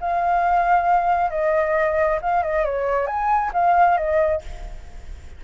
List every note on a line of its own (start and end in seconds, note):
0.00 1.30 F5
1.30 2.19 D#5
2.21 2.43 F5
2.43 2.65 D#5
2.65 3.07 C#5
3.07 3.51 G#5
3.53 3.97 F5
3.97 4.42 D#5